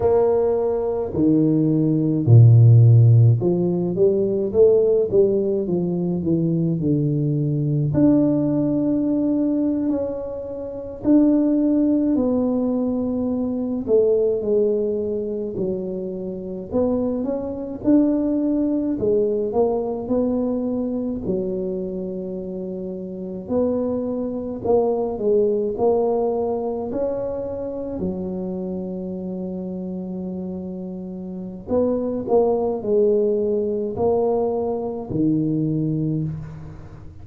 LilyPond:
\new Staff \with { instrumentName = "tuba" } { \time 4/4 \tempo 4 = 53 ais4 dis4 ais,4 f8 g8 | a8 g8 f8 e8 d4 d'4~ | d'8. cis'4 d'4 b4~ b16~ | b16 a8 gis4 fis4 b8 cis'8 d'16~ |
d'8. gis8 ais8 b4 fis4~ fis16~ | fis8. b4 ais8 gis8 ais4 cis'16~ | cis'8. fis2.~ fis16 | b8 ais8 gis4 ais4 dis4 | }